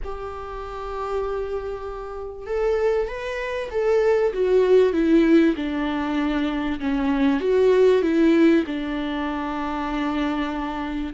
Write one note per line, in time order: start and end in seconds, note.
0.04 2.46 G4
2.46 3.08 A4
3.08 3.69 B4
3.70 4.32 A4
4.33 4.93 F#4
4.93 5.54 E4
5.55 6.79 D4
6.80 7.40 C#4
7.40 8.02 F#4
8.02 8.63 E4
8.66 11.13 D4